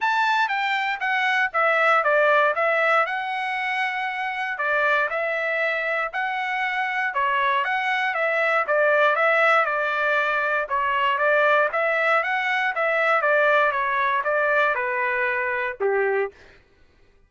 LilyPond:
\new Staff \with { instrumentName = "trumpet" } { \time 4/4 \tempo 4 = 118 a''4 g''4 fis''4 e''4 | d''4 e''4 fis''2~ | fis''4 d''4 e''2 | fis''2 cis''4 fis''4 |
e''4 d''4 e''4 d''4~ | d''4 cis''4 d''4 e''4 | fis''4 e''4 d''4 cis''4 | d''4 b'2 g'4 | }